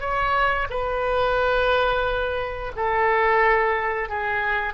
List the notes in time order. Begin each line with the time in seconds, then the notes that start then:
0.00 C#5
0.70 B4
2.76 A4
4.09 G#4